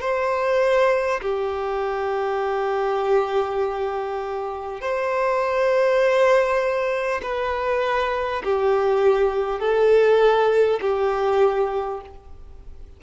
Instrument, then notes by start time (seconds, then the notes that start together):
violin
0.00 C5
1.21 G4
4.81 C5
7.22 B4
8.43 G4
9.59 A4
10.81 G4